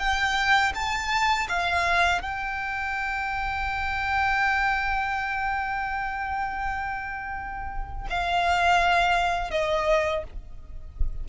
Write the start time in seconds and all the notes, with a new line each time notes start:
0.00 G5
0.75 A5
1.49 F5
2.22 G5
8.10 F5
9.51 D#5